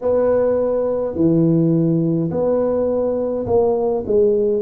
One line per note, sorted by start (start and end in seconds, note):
0.01 1.15 B3
1.15 2.30 E3
2.30 3.46 B3
3.46 4.04 A#3
4.06 4.62 G#3